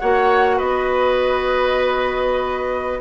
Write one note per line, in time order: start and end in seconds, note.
0.00 0.60 A#3
0.00 3.01 F#4
0.00 0.57 C#5
0.00 0.59 F#5
0.57 3.01 B3
0.57 2.99 B4
0.57 3.01 D#5